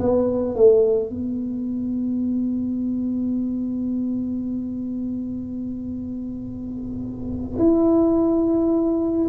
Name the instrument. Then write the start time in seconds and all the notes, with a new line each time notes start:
tuba
0.00 B3
0.56 A3
1.10 B3
7.58 E4